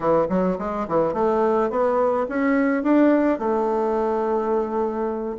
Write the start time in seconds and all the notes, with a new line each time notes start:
0.00 E3
0.29 F#3
0.58 G#3
0.87 E3
1.13 A3
1.70 B3
2.28 C#4
2.83 D4
3.38 A3